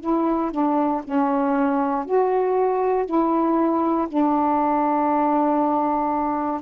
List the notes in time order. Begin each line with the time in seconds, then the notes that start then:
0.00 E4
0.51 D4
1.04 C#4
2.05 F#4
3.06 E4
4.08 D4